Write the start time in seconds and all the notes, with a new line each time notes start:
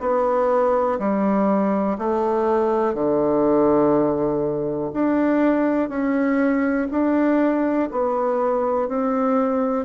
0.00 B3
0.99 G3
1.98 A3
2.94 D3
4.93 D4
5.89 C#4
6.91 D4
7.91 B3
8.88 C4